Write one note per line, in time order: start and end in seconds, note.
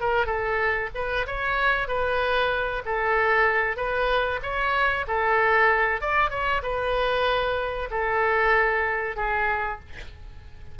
0.00 0.26 A#4
0.26 0.89 A4
0.94 1.26 B4
1.26 1.87 C#5
1.87 2.82 B4
2.85 3.76 A4
3.76 4.40 B4
4.42 5.05 C#5
5.07 6.01 A4
6.01 6.30 D5
6.30 6.61 C#5
6.62 7.89 B4
7.90 9.16 A4
9.16 9.79 G#4